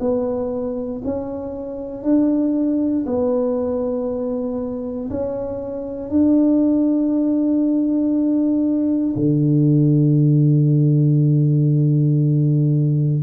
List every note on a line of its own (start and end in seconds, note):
0.00 1.02 B3
1.04 2.03 C#4
2.03 3.05 D4
3.06 5.09 B3
5.10 6.10 C#4
6.10 9.15 D4
9.16 13.23 D3